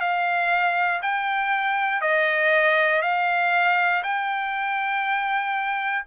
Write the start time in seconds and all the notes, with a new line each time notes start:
0.00 F5
1.02 G5
2.01 D#5
3.01 F5
4.03 G5